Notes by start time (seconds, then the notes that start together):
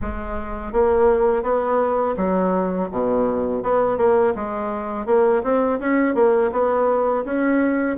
0.01 G#3
0.72 A#3
1.42 B3
2.17 F#3
2.91 B2
3.62 B3
3.97 A#3
4.35 G#3
5.06 A#3
5.42 C4
5.79 C#4
6.14 A#3
6.52 B3
7.24 C#4